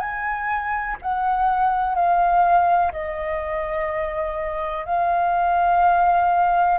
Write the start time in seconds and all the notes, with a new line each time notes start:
0.00 G#5
1.02 F#5
1.95 F5
2.93 D#5
4.86 F5